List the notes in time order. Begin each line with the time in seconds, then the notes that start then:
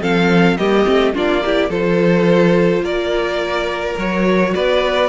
0.00 F3 C4 A4 F5
0.57 G3 A#3 G4 D#5
0.85 A3 C4
1.13 A#3 D4 F4 D5
1.44 E4 G4
1.69 F3 F4 A4 C5
2.81 A#3 A#4 D5
3.98 F#3 F#4 C#5
4.54 B3 B4 D5